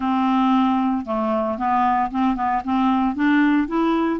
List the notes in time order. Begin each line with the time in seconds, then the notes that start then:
0.00 C4
1.05 A3
1.58 B3
2.10 C4
2.35 B3
2.64 C4
3.15 D4
3.67 E4